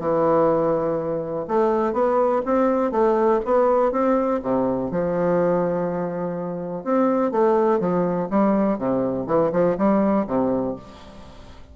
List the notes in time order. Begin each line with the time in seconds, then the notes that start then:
0.00 E3
1.48 A3
1.94 B3
2.46 C4
2.92 A3
3.45 B3
3.92 C4
4.43 C3
4.91 F3
6.84 C4
7.32 A3
7.80 F3
8.30 G3
8.78 C3
9.27 E3
9.53 F3
9.78 G3
10.27 C3